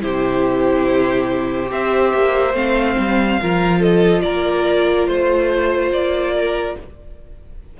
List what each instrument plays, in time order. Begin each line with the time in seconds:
0.00 cello C3, viola E4, violin G4 C5
1.66 cello C4, viola G4, violin C5 E5
2.13 cello A#3
2.54 cello A3, viola C4, violin F5
2.98 cello G3
3.41 cello F3, viola F4, violin A#4
3.79 violin A4 D#5
4.22 cello A#3, violin A#4 D5
5.07 cello A3, violin C5
5.91 cello A#3, violin D5
6.34 violin A#4